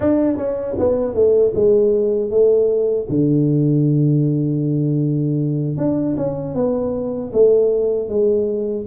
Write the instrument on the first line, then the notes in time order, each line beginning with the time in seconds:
tuba
0.00 D4
0.37 C#4
0.78 B3
1.14 A3
1.54 G#3
2.30 A3
3.09 D3
5.77 D4
6.16 C#4
6.54 B3
7.33 A3
8.08 G#3